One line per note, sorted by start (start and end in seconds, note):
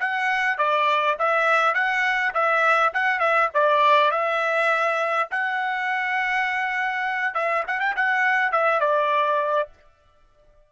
0.00 0.58 F#5
0.58 1.17 D5
1.19 1.74 E5
1.74 2.33 F#5
2.34 2.93 E5
2.94 3.20 F#5
3.20 3.49 E5
3.54 4.11 D5
4.11 5.29 E5
5.31 7.34 F#5
7.34 7.64 E5
7.67 7.80 F#5
7.80 7.95 G5
7.96 8.52 F#5
8.52 8.81 E5
8.81 9.69 D5